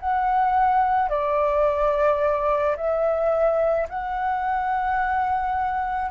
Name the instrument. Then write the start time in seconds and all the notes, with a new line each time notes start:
flute
0.00 F#5
1.09 D5
2.76 E5
3.89 F#5